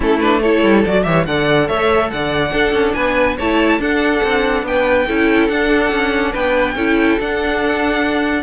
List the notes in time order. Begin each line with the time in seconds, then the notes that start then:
0.00 A3 C#4 E4 A4
0.20 D4 B4
0.41 E4 A4 C#5
0.63 G3
0.86 F#3 F#4 D5
1.03 E3 G4 C#5 E5
1.25 D3 A4 D5 F#5
1.68 A3 C#5 E5
2.10 D3 D5 F#5
2.51 D4 A4
2.72 C#4
2.93 B3 B4 G#5
3.37 A3 E4 C#5 A5
3.79 D4 A4 F#5
4.23 C4
4.62 B3 B4 G5
5.07 C#4 E4 A4
5.48 D4 F#5
5.91 C#4
6.32 B3 B4 G5
6.75 C#4 E4 A4
7.19 D4 F#5